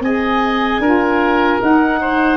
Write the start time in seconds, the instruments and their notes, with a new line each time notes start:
0.00 tuba C4, saxophone G#4, oboe D#5, clarinet G#5
0.79 tuba D4, saxophone F4, oboe A#4
1.60 saxophone D#4, tuba D#4, clarinet F#5
2.01 oboe C5